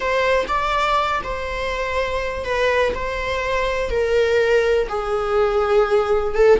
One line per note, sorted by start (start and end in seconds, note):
0.00 0.45 C5
0.47 1.21 D5
1.23 2.44 C5
2.44 2.93 B4
2.94 3.90 C5
3.90 4.87 A#4
4.88 6.34 G#4
6.34 6.59 A4